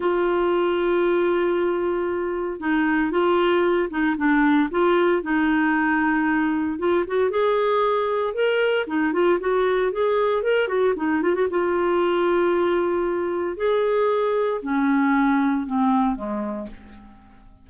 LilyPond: \new Staff \with { instrumentName = "clarinet" } { \time 4/4 \tempo 4 = 115 f'1~ | f'4 dis'4 f'4. dis'8 | d'4 f'4 dis'2~ | dis'4 f'8 fis'8 gis'2 |
ais'4 dis'8 f'8 fis'4 gis'4 | ais'8 fis'8 dis'8 f'16 fis'16 f'2~ | f'2 gis'2 | cis'2 c'4 gis4 | }